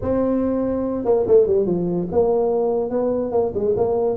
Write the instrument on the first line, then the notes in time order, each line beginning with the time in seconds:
tuba
0.01 C4
1.04 A#3
1.27 A3
1.46 G3
1.66 F3
2.11 A#3
2.90 B3
3.31 A#3
3.54 G#3
3.76 A#3